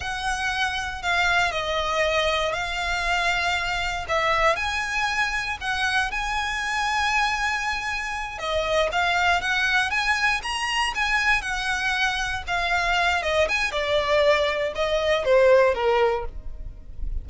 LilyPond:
\new Staff \with { instrumentName = "violin" } { \time 4/4 \tempo 4 = 118 fis''2 f''4 dis''4~ | dis''4 f''2. | e''4 gis''2 fis''4 | gis''1~ |
gis''8 dis''4 f''4 fis''4 gis''8~ | gis''8 ais''4 gis''4 fis''4.~ | fis''8 f''4. dis''8 gis''8 d''4~ | d''4 dis''4 c''4 ais'4 | }